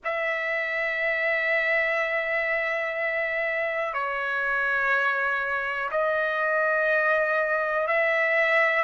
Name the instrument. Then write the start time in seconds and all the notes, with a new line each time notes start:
trumpet
0.04 E5
3.93 C#5
5.91 D#5
7.87 E5